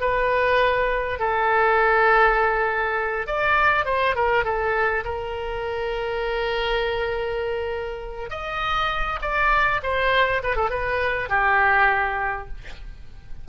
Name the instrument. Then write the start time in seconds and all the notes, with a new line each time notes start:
oboe
0.00 B4
1.19 A4
3.26 D5
3.85 C5
4.15 A#4
4.44 A4
5.04 A#4
8.30 D#5
9.21 D5
9.83 C5
10.43 B4
10.56 A4
10.70 B4
11.29 G4